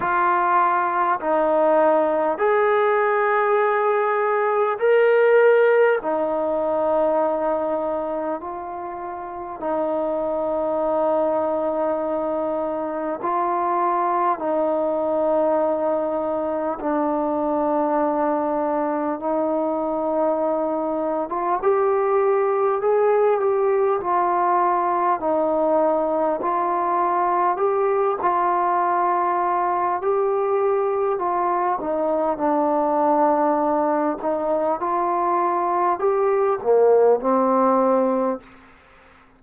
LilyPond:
\new Staff \with { instrumentName = "trombone" } { \time 4/4 \tempo 4 = 50 f'4 dis'4 gis'2 | ais'4 dis'2 f'4 | dis'2. f'4 | dis'2 d'2 |
dis'4.~ dis'16 f'16 g'4 gis'8 g'8 | f'4 dis'4 f'4 g'8 f'8~ | f'4 g'4 f'8 dis'8 d'4~ | d'8 dis'8 f'4 g'8 ais8 c'4 | }